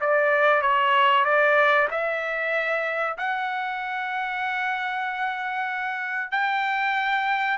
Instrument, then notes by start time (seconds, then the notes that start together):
trumpet
0.00 D5
0.61 C#5
1.25 D5
1.91 E5
3.17 F#5
6.31 G5